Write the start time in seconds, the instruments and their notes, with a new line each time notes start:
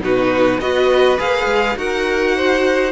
0.00 cello B2, viola D#4, violin F#4 B4
0.59 cello B3, viola F#4, violin B4 D#5
1.17 cello A#3, viola G#4, violin F5
1.46 cello G#3
1.76 cello D#4, viola F#4, violin A#4 F#5
2.36 violin C5